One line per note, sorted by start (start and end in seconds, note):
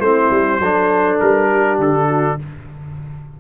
0.00 0.29 A3
0.00 0.62 C4
0.00 0.60 E4
0.00 1.18 C5
0.30 0.60 G3
0.60 1.18 F#3
0.60 2.40 D4
0.60 1.48 A4
1.20 1.79 G3
1.20 1.79 A#4
1.50 2.08 G4
1.79 2.37 D3
1.79 2.40 A4
2.08 2.37 F#4